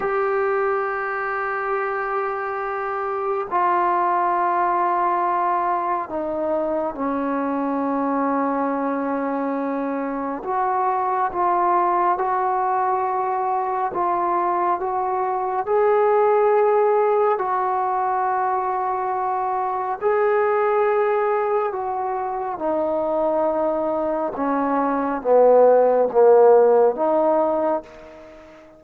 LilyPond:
\new Staff \with { instrumentName = "trombone" } { \time 4/4 \tempo 4 = 69 g'1 | f'2. dis'4 | cis'1 | fis'4 f'4 fis'2 |
f'4 fis'4 gis'2 | fis'2. gis'4~ | gis'4 fis'4 dis'2 | cis'4 b4 ais4 dis'4 | }